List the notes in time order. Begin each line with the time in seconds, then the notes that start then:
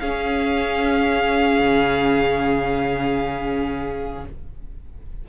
0.00 C#4 G#4 F5
1.59 C#3